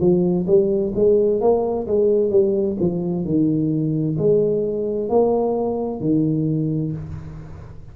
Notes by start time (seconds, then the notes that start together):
0.00 F3
0.47 G3
0.95 G#3
1.41 A#3
1.87 G#3
2.31 G3
2.80 F3
3.25 D#3
4.18 G#3
5.09 A#3
6.00 D#3